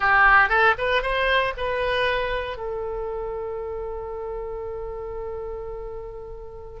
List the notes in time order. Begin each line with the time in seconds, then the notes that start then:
0.00 G4
0.49 A4
0.78 B4
1.02 C5
1.57 B4
2.57 A4